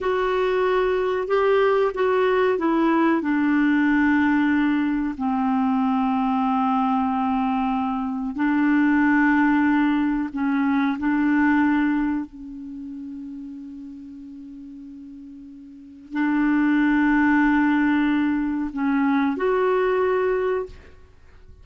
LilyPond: \new Staff \with { instrumentName = "clarinet" } { \time 4/4 \tempo 4 = 93 fis'2 g'4 fis'4 | e'4 d'2. | c'1~ | c'4 d'2. |
cis'4 d'2 cis'4~ | cis'1~ | cis'4 d'2.~ | d'4 cis'4 fis'2 | }